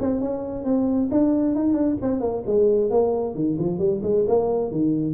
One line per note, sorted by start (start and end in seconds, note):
0.00 0.21 C4
0.21 0.64 C#4
0.64 1.09 C4
1.11 1.55 D4
1.55 1.73 D#4
1.73 1.96 D4
2.02 2.20 C4
2.20 2.43 A#3
2.46 2.90 G#3
2.90 3.35 A#3
3.35 3.57 D#3
3.59 3.79 F3
3.79 4.01 G3
4.03 4.25 G#3
4.27 4.71 A#3
4.71 5.14 D#3